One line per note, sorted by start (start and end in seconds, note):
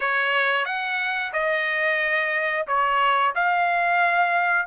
0.00 0.65 C#5
0.65 1.32 F#5
1.32 2.66 D#5
2.67 3.34 C#5
3.35 4.66 F5